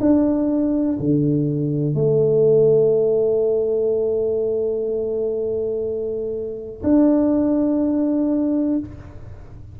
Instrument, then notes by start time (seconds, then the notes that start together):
tuba
0.00 D4
0.99 D3
1.94 A3
6.83 D4